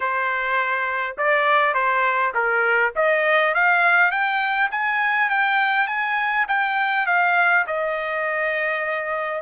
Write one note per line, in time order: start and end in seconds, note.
0.00 1.16 C5
1.17 1.74 D5
1.74 2.32 C5
2.34 2.93 A#4
2.95 3.54 D#5
3.54 4.11 F5
4.11 4.70 G5
4.71 5.29 G#5
5.29 5.87 G5
5.87 6.45 G#5
6.48 7.06 G5
7.06 7.65 F5
7.66 9.41 D#5